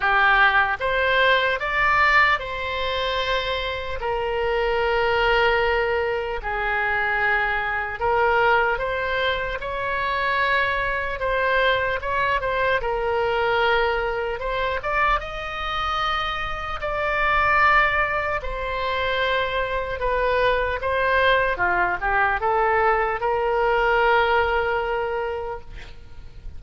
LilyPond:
\new Staff \with { instrumentName = "oboe" } { \time 4/4 \tempo 4 = 75 g'4 c''4 d''4 c''4~ | c''4 ais'2. | gis'2 ais'4 c''4 | cis''2 c''4 cis''8 c''8 |
ais'2 c''8 d''8 dis''4~ | dis''4 d''2 c''4~ | c''4 b'4 c''4 f'8 g'8 | a'4 ais'2. | }